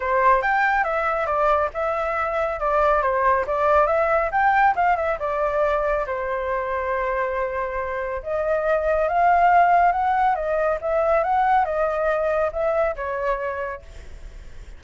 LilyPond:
\new Staff \with { instrumentName = "flute" } { \time 4/4 \tempo 4 = 139 c''4 g''4 e''4 d''4 | e''2 d''4 c''4 | d''4 e''4 g''4 f''8 e''8 | d''2 c''2~ |
c''2. dis''4~ | dis''4 f''2 fis''4 | dis''4 e''4 fis''4 dis''4~ | dis''4 e''4 cis''2 | }